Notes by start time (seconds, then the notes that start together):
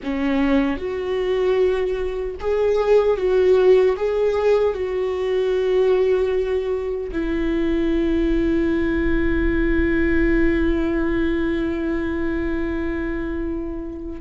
0.03 C#4
0.77 F#4
2.40 G#4
3.17 F#4
3.96 G#4
4.74 F#4
7.12 E4